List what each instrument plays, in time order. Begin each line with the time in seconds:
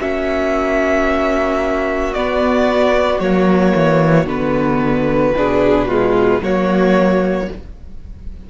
0.00 cello A#3, viola C#4, violin F#4 E5
2.13 viola B3, cello B3, violin D5
3.19 cello F#3, viola A#3, violin C#5
3.75 cello E3
4.26 cello D3, viola B3, violin B4
5.36 cello B2, viola D4, violin G#4
5.88 viola G#3, violin F4
6.41 cello F#3, viola A#3, violin F#4 C#5